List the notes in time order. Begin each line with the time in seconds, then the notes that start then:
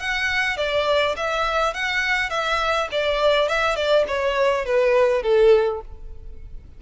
0.00 F#5
0.57 D5
1.17 E5
1.74 F#5
2.30 E5
2.92 D5
3.49 E5
3.76 D5
4.08 C#5
4.66 B4
5.23 A4